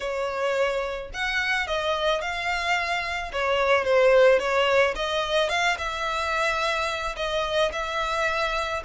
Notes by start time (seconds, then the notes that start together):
0.00 C#5
1.13 F#5
1.67 D#5
2.21 F5
3.32 C#5
3.84 C5
4.39 C#5
4.95 D#5
5.49 F5
5.77 E5
7.16 D#5
7.72 E5